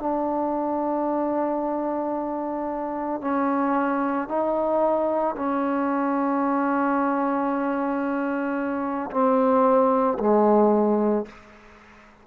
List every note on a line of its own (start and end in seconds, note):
0.00 3.21 D4
3.21 4.29 C#4
4.29 5.36 D#4
5.36 9.11 C#4
9.11 10.18 C4
10.19 11.26 G#3